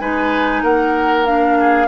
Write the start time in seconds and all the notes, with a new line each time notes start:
0.00 G#3 D#4 B4 G#5
0.63 A#3 A#4 F#5
1.25 D4 F5
1.60 G#4